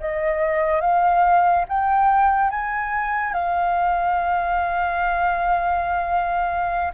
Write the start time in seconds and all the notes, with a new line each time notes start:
0.00 D#5
0.81 F5
1.68 G5
2.50 G#5
3.33 F5